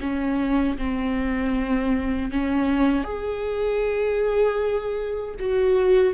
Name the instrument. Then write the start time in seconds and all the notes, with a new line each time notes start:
viola
0.00 C#4
0.77 C4
2.31 C#4
3.04 G#4
5.39 F#4